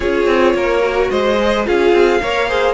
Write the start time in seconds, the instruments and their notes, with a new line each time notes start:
0.00 cello C#4, viola F4, violin G#4 C#5
0.26 cello C4
0.53 cello A#3, violin A#4
0.81 viola F#4
1.10 cello G#3, violin C5 D#5
1.40 viola G#4
1.65 cello C#4, viola F4, violin G#4 F5
1.92 cello C4
2.21 cello A#3, viola A#4, violin C#5
2.48 viola G#4, violin C5